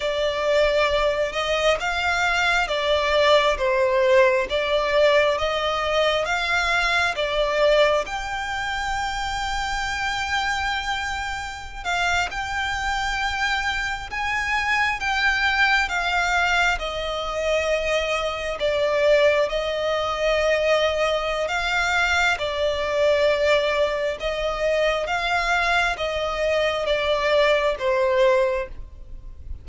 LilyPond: \new Staff \with { instrumentName = "violin" } { \time 4/4 \tempo 4 = 67 d''4. dis''8 f''4 d''4 | c''4 d''4 dis''4 f''4 | d''4 g''2.~ | g''4~ g''16 f''8 g''2 gis''16~ |
gis''8. g''4 f''4 dis''4~ dis''16~ | dis''8. d''4 dis''2~ dis''16 | f''4 d''2 dis''4 | f''4 dis''4 d''4 c''4 | }